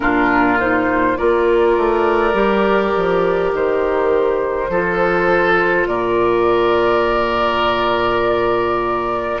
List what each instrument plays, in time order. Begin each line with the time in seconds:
0.00 bassoon A#2, clarinet D4, oboe F4, flute A#4
0.59 clarinet D#4, flute C5
1.17 bassoon A#3, clarinet F4, oboe A#4, flute D5
1.77 bassoon A3
2.33 bassoon G3, clarinet G4
2.96 bassoon F3
3.53 bassoon D#3, flute C5
4.69 bassoon F3, clarinet F4, oboe A4
5.87 bassoon A#2, oboe A#4, flute D5